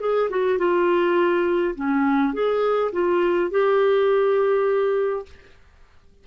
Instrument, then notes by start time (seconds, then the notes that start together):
clarinet
0.00 G#4
0.30 F#4
0.58 F4
1.75 C#4
2.33 G#4
2.92 F4
3.51 G4